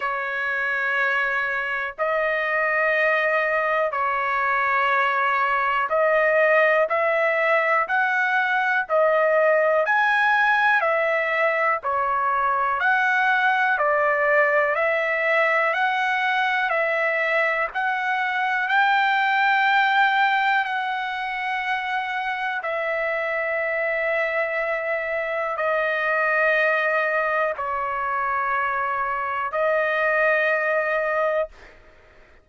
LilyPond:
\new Staff \with { instrumentName = "trumpet" } { \time 4/4 \tempo 4 = 61 cis''2 dis''2 | cis''2 dis''4 e''4 | fis''4 dis''4 gis''4 e''4 | cis''4 fis''4 d''4 e''4 |
fis''4 e''4 fis''4 g''4~ | g''4 fis''2 e''4~ | e''2 dis''2 | cis''2 dis''2 | }